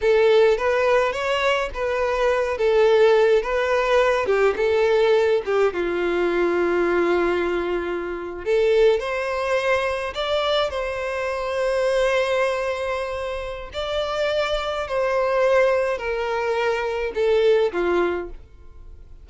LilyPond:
\new Staff \with { instrumentName = "violin" } { \time 4/4 \tempo 4 = 105 a'4 b'4 cis''4 b'4~ | b'8 a'4. b'4. g'8 | a'4. g'8 f'2~ | f'2~ f'8. a'4 c''16~ |
c''4.~ c''16 d''4 c''4~ c''16~ | c''1 | d''2 c''2 | ais'2 a'4 f'4 | }